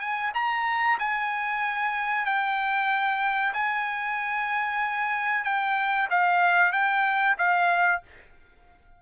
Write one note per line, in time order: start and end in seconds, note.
0.00 0.32 G#5
0.34 0.98 A#5
0.99 2.25 G#5
2.25 3.53 G5
3.53 5.44 G#5
5.44 6.08 G5
6.10 6.72 F5
6.72 7.36 G5
7.38 8.02 F5